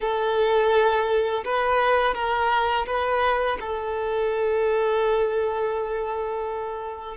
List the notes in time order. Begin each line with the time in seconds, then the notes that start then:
0.00 A4
1.44 B4
2.14 A#4
2.86 B4
3.60 A4